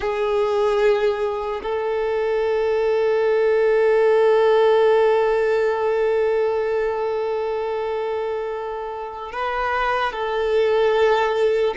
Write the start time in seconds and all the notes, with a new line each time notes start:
0.00 G#4
1.63 A4
9.32 B4
10.12 A4